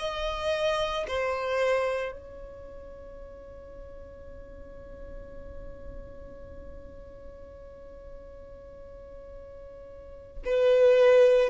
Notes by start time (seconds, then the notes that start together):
0.00 D#5
1.08 C5
2.13 C#5
10.46 B4